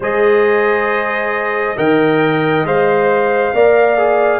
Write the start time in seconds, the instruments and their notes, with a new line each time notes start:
0.00 tuba G#3, trombone G#4, horn C5, trumpet D#5
1.76 tuba D#3, trombone A#4, horn D#5, trumpet G5
2.64 tuba G#3, trombone C5, trumpet F5
3.53 tuba A#3, trombone A#4, horn D5
3.98 trombone G#4